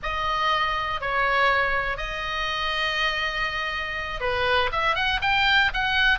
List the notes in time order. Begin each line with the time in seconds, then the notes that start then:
0.02 D#5
1.01 C#5
1.97 D#5
4.20 B4
4.72 E5
4.95 F#5
5.21 G5
5.73 F#5